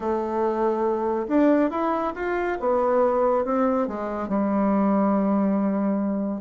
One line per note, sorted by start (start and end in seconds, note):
0.00 1.27 A3
1.28 1.70 D4
1.70 2.13 E4
2.15 2.58 F4
2.59 3.45 B3
3.45 3.87 C4
3.87 4.28 G#3
4.28 6.41 G3